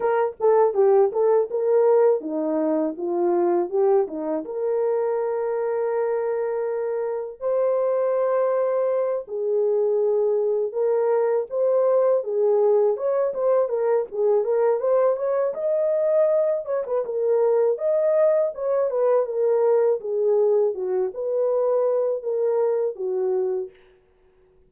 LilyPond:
\new Staff \with { instrumentName = "horn" } { \time 4/4 \tempo 4 = 81 ais'8 a'8 g'8 a'8 ais'4 dis'4 | f'4 g'8 dis'8 ais'2~ | ais'2 c''2~ | c''8 gis'2 ais'4 c''8~ |
c''8 gis'4 cis''8 c''8 ais'8 gis'8 ais'8 | c''8 cis''8 dis''4. cis''16 b'16 ais'4 | dis''4 cis''8 b'8 ais'4 gis'4 | fis'8 b'4. ais'4 fis'4 | }